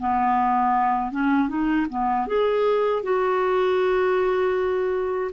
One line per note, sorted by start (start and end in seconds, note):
0.00 1.12 B3
1.12 1.49 C#4
1.49 1.87 D#4
1.90 2.28 B3
2.28 3.03 G#4
3.03 5.31 F#4